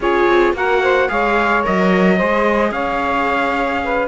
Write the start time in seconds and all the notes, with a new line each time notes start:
0.00 C#4 F4 G#4 C#5
0.27 C4
0.53 A#3 F#4 A#4 F#5
0.82 C5
1.08 G#3 G#4 C#5 F5
1.63 F#3 A#4 D#5
2.16 G#3 G#4 C5
2.71 C#4 C#5 F5
3.83 B4